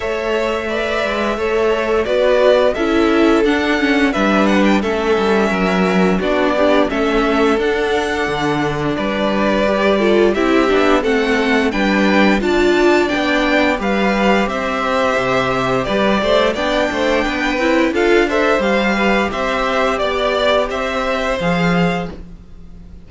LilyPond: <<
  \new Staff \with { instrumentName = "violin" } { \time 4/4 \tempo 4 = 87 e''2. d''4 | e''4 fis''4 e''8 fis''16 g''16 e''4~ | e''4 d''4 e''4 fis''4~ | fis''4 d''2 e''4 |
fis''4 g''4 a''4 g''4 | f''4 e''2 d''4 | g''2 f''8 e''8 f''4 | e''4 d''4 e''4 f''4 | }
  \new Staff \with { instrumentName = "violin" } { \time 4/4 cis''4 d''4 cis''4 b'4 | a'2 b'4 a'4 | ais'4 fis'8 d'8 a'2~ | a'4 b'4. a'8 g'4 |
a'4 b'4 d''2 | b'4 c''2 b'8 c''8 | d''8 c''8 b'4 a'8 c''4 b'8 | c''4 d''4 c''2 | }
  \new Staff \with { instrumentName = "viola" } { \time 4/4 a'4 b'4 a'4 fis'4 | e'4 d'8 cis'8 d'4 cis'4~ | cis'4 d'8 g'8 cis'4 d'4~ | d'2 g'8 f'8 e'8 d'8 |
c'4 d'4 f'4 d'4 | g'1 | d'4. e'8 f'8 a'8 g'4~ | g'2. gis'4 | }
  \new Staff \with { instrumentName = "cello" } { \time 4/4 a4. gis8 a4 b4 | cis'4 d'4 g4 a8 g8 | fis4 b4 a4 d'4 | d4 g2 c'8 b8 |
a4 g4 d'4 b4 | g4 c'4 c4 g8 a8 | b8 a8 b8 c'8 d'4 g4 | c'4 b4 c'4 f4 | }
>>